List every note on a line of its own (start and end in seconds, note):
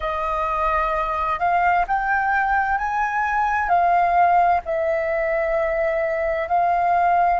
0.00 1.38 D#5
1.38 1.85 F5
1.87 2.77 G5
2.77 3.68 G#5
3.68 4.61 F5
4.65 6.48 E5
6.48 7.39 F5